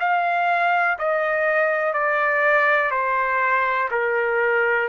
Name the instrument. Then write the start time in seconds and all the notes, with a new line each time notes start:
trumpet
0.00 F5
0.99 D#5
1.94 D5
2.91 C5
3.91 A#4